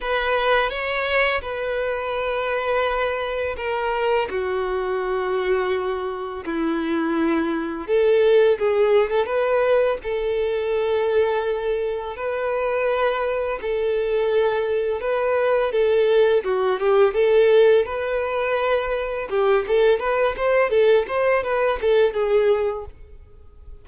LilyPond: \new Staff \with { instrumentName = "violin" } { \time 4/4 \tempo 4 = 84 b'4 cis''4 b'2~ | b'4 ais'4 fis'2~ | fis'4 e'2 a'4 | gis'8. a'16 b'4 a'2~ |
a'4 b'2 a'4~ | a'4 b'4 a'4 fis'8 g'8 | a'4 b'2 g'8 a'8 | b'8 c''8 a'8 c''8 b'8 a'8 gis'4 | }